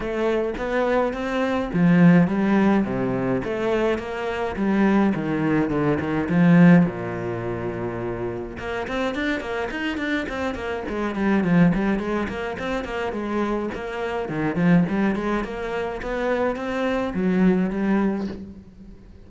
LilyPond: \new Staff \with { instrumentName = "cello" } { \time 4/4 \tempo 4 = 105 a4 b4 c'4 f4 | g4 c4 a4 ais4 | g4 dis4 d8 dis8 f4 | ais,2. ais8 c'8 |
d'8 ais8 dis'8 d'8 c'8 ais8 gis8 g8 | f8 g8 gis8 ais8 c'8 ais8 gis4 | ais4 dis8 f8 g8 gis8 ais4 | b4 c'4 fis4 g4 | }